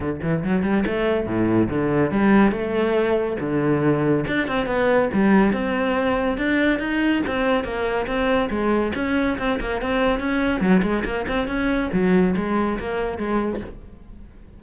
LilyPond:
\new Staff \with { instrumentName = "cello" } { \time 4/4 \tempo 4 = 141 d8 e8 fis8 g8 a4 a,4 | d4 g4 a2 | d2 d'8 c'8 b4 | g4 c'2 d'4 |
dis'4 c'4 ais4 c'4 | gis4 cis'4 c'8 ais8 c'4 | cis'4 fis8 gis8 ais8 c'8 cis'4 | fis4 gis4 ais4 gis4 | }